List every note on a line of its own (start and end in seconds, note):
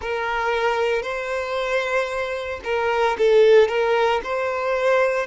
0.00 1.02 A#4
1.02 2.60 C5
2.64 3.16 A#4
3.18 3.68 A4
3.68 4.21 A#4
4.23 5.26 C5